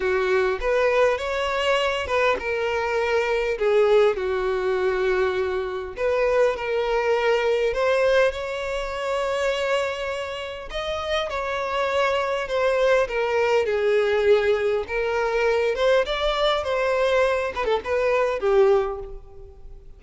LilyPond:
\new Staff \with { instrumentName = "violin" } { \time 4/4 \tempo 4 = 101 fis'4 b'4 cis''4. b'8 | ais'2 gis'4 fis'4~ | fis'2 b'4 ais'4~ | ais'4 c''4 cis''2~ |
cis''2 dis''4 cis''4~ | cis''4 c''4 ais'4 gis'4~ | gis'4 ais'4. c''8 d''4 | c''4. b'16 a'16 b'4 g'4 | }